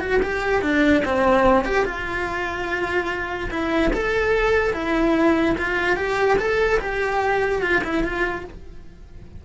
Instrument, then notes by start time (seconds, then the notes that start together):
cello
0.00 F#4
0.22 G4
0.62 D4
1.05 C4
1.65 G4
1.85 F4
3.50 E4
3.93 A4
4.74 E4
5.58 F4
5.96 G4
6.38 A4
6.80 G4
7.62 F4
7.84 E4
8.04 F4